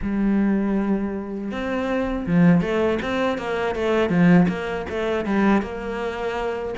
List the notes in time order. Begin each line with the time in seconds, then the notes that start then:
0.01 G3
1.51 C4
2.26 F3
2.61 A3
3.02 C4
3.38 A#3
3.75 A3
4.09 F3
4.48 A#3
4.89 A3
5.25 G3
5.61 A#3